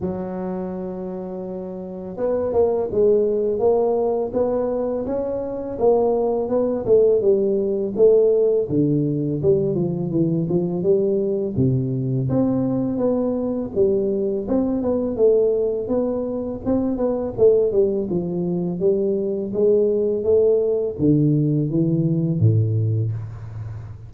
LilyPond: \new Staff \with { instrumentName = "tuba" } { \time 4/4 \tempo 4 = 83 fis2. b8 ais8 | gis4 ais4 b4 cis'4 | ais4 b8 a8 g4 a4 | d4 g8 f8 e8 f8 g4 |
c4 c'4 b4 g4 | c'8 b8 a4 b4 c'8 b8 | a8 g8 f4 g4 gis4 | a4 d4 e4 a,4 | }